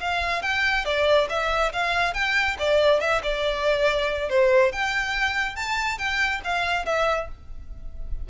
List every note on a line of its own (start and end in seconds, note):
0.00 0.42 F5
0.42 0.85 G5
0.85 1.28 D5
1.30 1.72 E5
1.73 2.14 F5
2.14 2.56 G5
2.59 3.00 D5
3.00 3.22 E5
3.23 4.29 D5
4.29 4.72 C5
4.72 5.56 G5
5.56 5.98 A5
5.98 6.41 G5
6.44 6.85 F5
6.85 7.28 E5